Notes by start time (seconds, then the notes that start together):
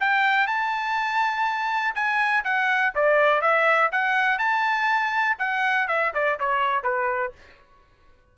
0.00 G5
0.46 A5
1.94 G#5
2.44 F#5
2.95 D5
3.41 E5
3.91 F#5
4.38 A5
5.38 F#5
5.87 E5
6.14 D5
6.39 C#5
6.83 B4